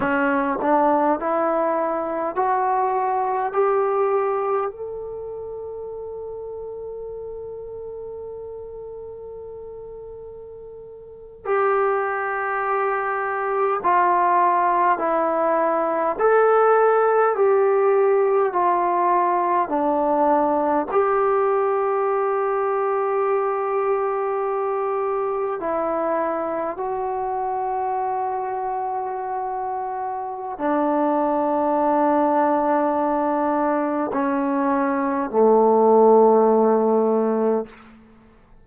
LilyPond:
\new Staff \with { instrumentName = "trombone" } { \time 4/4 \tempo 4 = 51 cis'8 d'8 e'4 fis'4 g'4 | a'1~ | a'4.~ a'16 g'2 f'16~ | f'8. e'4 a'4 g'4 f'16~ |
f'8. d'4 g'2~ g'16~ | g'4.~ g'16 e'4 fis'4~ fis'16~ | fis'2 d'2~ | d'4 cis'4 a2 | }